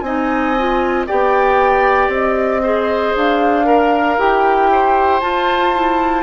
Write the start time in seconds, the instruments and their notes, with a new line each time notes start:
0.00 bassoon C4, clarinet D#4, oboe D#5, flute G#5
0.58 clarinet F4
1.06 bassoon B3, clarinet G4, oboe D5, flute G5
2.08 bassoon C4, flute D#5
2.62 clarinet G#4, oboe C5
3.16 bassoon D4, flute F5
3.64 clarinet A#4, oboe A#4
4.18 bassoon E4, clarinet G4, flute G5
4.71 oboe C5
5.20 clarinet F4, bassoon F4, flute A5
5.73 clarinet E4